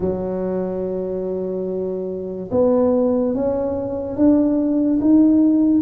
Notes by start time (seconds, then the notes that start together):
0.00 F#3
2.51 B3
3.34 C#4
4.16 D4
5.00 D#4